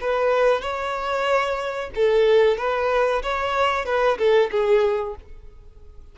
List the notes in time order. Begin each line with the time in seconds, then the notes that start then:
0.00 B4
0.61 C#5
1.95 A4
2.57 B4
3.22 C#5
3.85 B4
4.18 A4
4.51 G#4